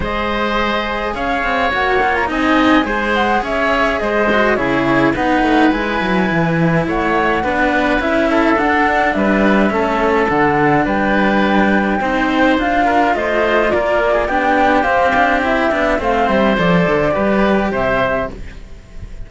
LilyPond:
<<
  \new Staff \with { instrumentName = "flute" } { \time 4/4 \tempo 4 = 105 dis''2 f''4 fis''8. ais''16 | gis''4. fis''8 e''4 dis''4 | cis''4 fis''4 gis''2 | fis''2 e''4 fis''4 |
e''2 fis''4 g''4~ | g''2 f''4 dis''4 | d''4 g''4 f''4 e''4 | f''8 e''8 d''2 e''4 | }
  \new Staff \with { instrumentName = "oboe" } { \time 4/4 c''2 cis''2 | dis''4 c''4 cis''4 c''4 | gis'4 b'2. | cis''4 b'4. a'4. |
b'4 a'2 b'4~ | b'4 c''4. ais'8 c''4 | ais'8. gis'16 g'2. | c''2 b'4 c''4 | }
  \new Staff \with { instrumentName = "cello" } { \time 4/4 gis'2. fis'8 f'8 | dis'4 gis'2~ gis'8 fis'8 | e'4 dis'4 e'2~ | e'4 d'4 e'4 d'4~ |
d'4 cis'4 d'2~ | d'4 dis'4 f'2~ | f'4 d'4 c'8 d'8 e'8 d'8 | c'4 a'4 g'2 | }
  \new Staff \with { instrumentName = "cello" } { \time 4/4 gis2 cis'8 c'8 ais4 | c'4 gis4 cis'4 gis4 | cis4 b8 a8 gis8 fis8 e4 | a4 b4 cis'4 d'4 |
g4 a4 d4 g4~ | g4 c'4 d'4 a4 | ais4 b4 c'4. b8 | a8 g8 f8 d8 g4 c4 | }
>>